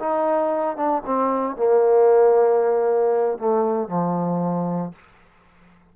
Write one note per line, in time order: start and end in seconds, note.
0.00 0.77 D#4
0.77 1.03 D4
1.06 1.57 C4
1.57 3.38 A#3
3.38 3.88 A3
3.88 4.93 F3